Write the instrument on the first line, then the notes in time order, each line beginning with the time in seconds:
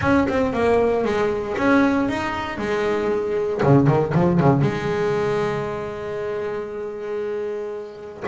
double bass
0.01 C#4
0.28 C4
0.53 A#3
1.04 G#3
1.57 C#4
2.08 D#4
2.57 G#3
3.63 C#3
3.87 D#3
4.14 F3
4.39 C#3
4.61 G#3